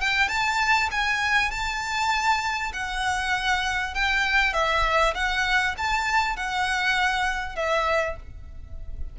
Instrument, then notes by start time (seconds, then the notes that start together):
violin
0.00 G5
0.28 A5
0.91 G#5
1.50 A5
2.73 F#5
3.94 G5
4.53 E5
5.14 F#5
5.77 A5
6.36 F#5
7.55 E5